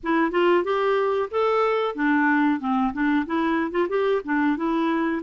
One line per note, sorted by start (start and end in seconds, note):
0.03 0.31 E4
0.31 0.63 F4
0.63 1.29 G4
1.30 1.95 A4
1.95 2.60 D4
2.60 2.92 C4
2.93 3.25 D4
3.26 3.71 E4
3.71 3.87 F4
3.88 4.21 G4
4.24 4.56 D4
4.56 5.21 E4